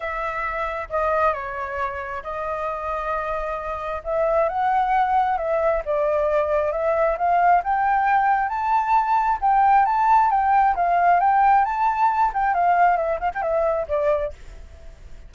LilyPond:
\new Staff \with { instrumentName = "flute" } { \time 4/4 \tempo 4 = 134 e''2 dis''4 cis''4~ | cis''4 dis''2.~ | dis''4 e''4 fis''2 | e''4 d''2 e''4 |
f''4 g''2 a''4~ | a''4 g''4 a''4 g''4 | f''4 g''4 a''4. g''8 | f''4 e''8 f''16 g''16 e''4 d''4 | }